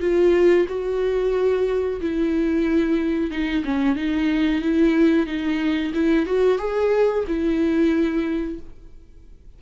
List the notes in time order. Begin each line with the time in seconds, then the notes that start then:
0.00 F4
0.68 F#4
2.00 E4
3.31 D#4
3.64 C#4
3.95 D#4
4.62 E4
5.26 D#4
5.94 E4
6.26 F#4
6.58 G#4
7.27 E4